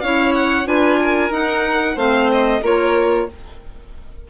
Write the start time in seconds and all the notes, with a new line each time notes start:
0.00 C#4 E4 C#5 F5
0.34 F#5
0.64 D4 F4 B4 G#5
1.01 A#4
1.30 D#4 F#5
1.95 A3 C4 C5 F5
2.31 D#5
2.62 A#3 F4 A#4 C#5